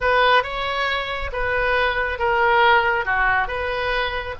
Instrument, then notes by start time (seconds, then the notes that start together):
oboe
0.00 B4
0.43 C#5
1.32 B4
2.19 A#4
3.05 F#4
3.47 B4